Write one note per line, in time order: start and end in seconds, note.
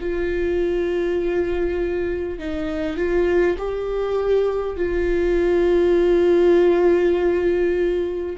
0.00 2.38 F4
2.38 2.96 D#4
2.96 3.56 F4
3.58 4.76 G4
4.76 8.36 F4